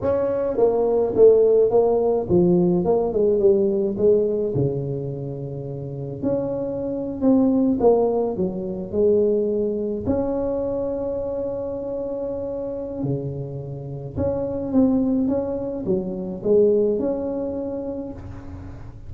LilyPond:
\new Staff \with { instrumentName = "tuba" } { \time 4/4 \tempo 4 = 106 cis'4 ais4 a4 ais4 | f4 ais8 gis8 g4 gis4 | cis2. cis'4~ | cis'8. c'4 ais4 fis4 gis16~ |
gis4.~ gis16 cis'2~ cis'16~ | cis'2. cis4~ | cis4 cis'4 c'4 cis'4 | fis4 gis4 cis'2 | }